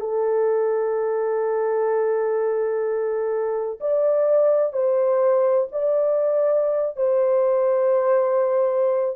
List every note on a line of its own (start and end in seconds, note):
0.00 3.79 A4
3.80 4.73 D5
4.73 5.68 C5
5.72 6.96 D5
6.96 9.16 C5